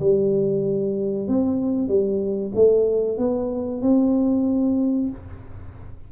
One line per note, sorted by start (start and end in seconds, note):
0.00 1.28 G3
1.28 1.88 C4
1.88 2.52 G3
2.55 3.18 A3
3.18 3.82 B3
3.82 5.09 C4